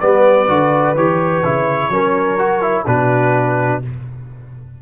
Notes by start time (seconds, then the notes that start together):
0.00 G3 B3 B4 D5
0.48 D3 F#4
0.95 E3 G4 C#5
1.43 C#3 E4
1.89 F#3 C#4 A#4
2.38 F#4
2.62 E4
2.86 B2 D4 F#4 B4